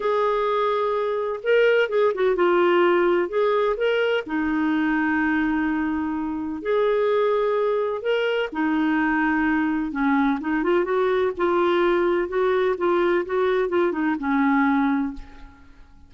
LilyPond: \new Staff \with { instrumentName = "clarinet" } { \time 4/4 \tempo 4 = 127 gis'2. ais'4 | gis'8 fis'8 f'2 gis'4 | ais'4 dis'2.~ | dis'2 gis'2~ |
gis'4 ais'4 dis'2~ | dis'4 cis'4 dis'8 f'8 fis'4 | f'2 fis'4 f'4 | fis'4 f'8 dis'8 cis'2 | }